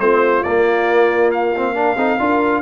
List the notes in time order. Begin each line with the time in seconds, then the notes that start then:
0.00 A3 C4 F4 C5
0.44 A#3 D5
1.32 F5
1.56 C4
1.75 D4 A#4
1.97 C4 D#4 A4
2.20 D4 F4 A#4